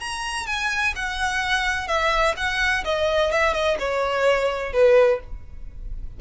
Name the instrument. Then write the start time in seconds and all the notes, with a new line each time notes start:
violin
0.00 A#5
0.47 G#5
0.96 F#5
1.88 E5
2.37 F#5
2.85 D#5
3.32 E5
3.54 D#5
3.79 C#5
4.73 B4